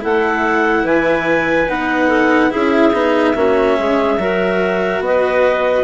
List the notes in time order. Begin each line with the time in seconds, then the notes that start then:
0.00 A3 E4 A4 F#5
0.84 E3 B4 G#5
1.69 B3 D#4 F#5
2.08 A4
2.51 C#4 E4 G#4 E5
2.93 B3 D#4
3.35 A#3 C#4 F#4
3.78 G#3 G#4
4.18 F#3 F#4 A#4
5.00 B3 B4 D#5